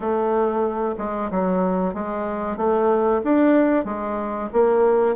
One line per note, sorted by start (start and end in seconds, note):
0.00 0.95 A3
0.98 1.30 G#3
1.30 1.94 F#3
1.94 2.56 G#3
2.56 3.21 A3
3.24 3.84 D4
3.84 4.49 G#3
4.52 5.15 A#3